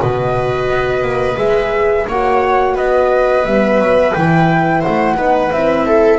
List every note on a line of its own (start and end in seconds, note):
0.00 0.69 B2
0.00 1.36 F#4
0.00 2.07 B4
0.00 1.38 D#5
0.69 1.01 B3
1.01 1.36 A#3
1.36 2.06 G#3
1.36 2.05 G#4
1.36 2.07 E5
2.07 2.75 A#3
2.07 3.47 F#4
2.07 2.74 C#5
2.07 2.77 F#5
2.74 3.44 B3
2.74 4.81 B4
2.74 3.44 D#5
3.44 3.78 G3
3.44 4.14 B3
3.44 4.12 E5
3.78 4.12 F#3
4.12 4.85 E3
4.12 5.16 E4
4.12 4.81 G5
4.81 5.15 C5
4.81 5.51 F#5
4.87 5.16 A3
5.16 5.50 B3
5.16 5.50 D#4
5.16 5.86 B4
5.51 6.19 C4
5.51 6.19 E4
5.51 6.19 E5
5.86 6.19 A4